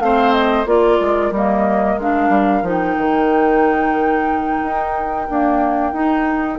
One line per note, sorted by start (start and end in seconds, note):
0.00 0.66 A3
0.00 0.66 C4
0.00 0.70 C5
0.00 0.33 F5
0.33 0.66 D#5
0.66 0.99 A#3
0.66 1.32 F4
0.66 6.59 A#4
0.66 1.34 D5
1.01 1.31 G#3
1.31 1.97 G3
1.31 2.00 A#3
1.31 2.00 D#5
1.97 2.29 G#3
1.97 2.64 D4
1.97 2.66 F5
2.29 2.62 G3
2.62 2.95 F3
2.62 5.28 D#4
2.62 6.59 G5
2.98 4.62 D#3
4.62 5.28 D#4
5.30 5.94 A#3
5.30 5.93 D4
5.93 6.59 D#4